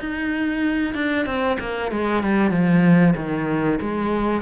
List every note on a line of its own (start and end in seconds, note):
0.00 0.94 D#4
0.94 1.26 D4
1.26 1.57 C4
1.60 1.91 A#3
1.92 2.23 G#3
2.23 2.51 G3
2.51 3.14 F3
3.16 3.80 D#3
3.81 4.42 G#3